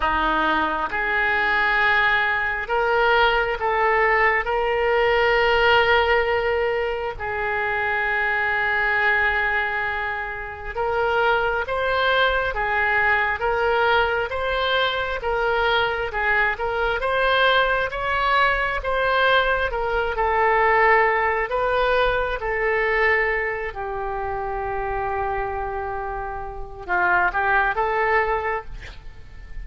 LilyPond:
\new Staff \with { instrumentName = "oboe" } { \time 4/4 \tempo 4 = 67 dis'4 gis'2 ais'4 | a'4 ais'2. | gis'1 | ais'4 c''4 gis'4 ais'4 |
c''4 ais'4 gis'8 ais'8 c''4 | cis''4 c''4 ais'8 a'4. | b'4 a'4. g'4.~ | g'2 f'8 g'8 a'4 | }